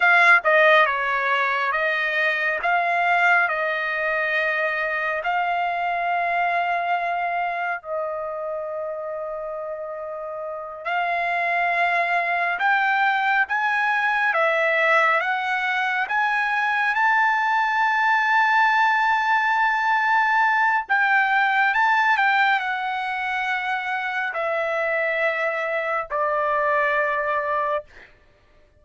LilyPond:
\new Staff \with { instrumentName = "trumpet" } { \time 4/4 \tempo 4 = 69 f''8 dis''8 cis''4 dis''4 f''4 | dis''2 f''2~ | f''4 dis''2.~ | dis''8 f''2 g''4 gis''8~ |
gis''8 e''4 fis''4 gis''4 a''8~ | a''1 | g''4 a''8 g''8 fis''2 | e''2 d''2 | }